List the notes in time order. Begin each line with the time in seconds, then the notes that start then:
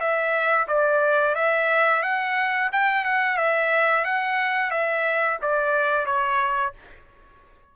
0.00 E5
0.68 D5
1.35 E5
2.03 F#5
2.72 G5
3.05 F#5
3.37 E5
4.05 F#5
4.71 E5
5.42 D5
6.06 C#5